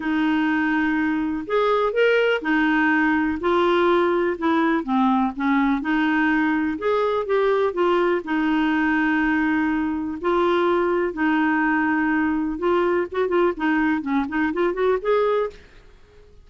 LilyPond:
\new Staff \with { instrumentName = "clarinet" } { \time 4/4 \tempo 4 = 124 dis'2. gis'4 | ais'4 dis'2 f'4~ | f'4 e'4 c'4 cis'4 | dis'2 gis'4 g'4 |
f'4 dis'2.~ | dis'4 f'2 dis'4~ | dis'2 f'4 fis'8 f'8 | dis'4 cis'8 dis'8 f'8 fis'8 gis'4 | }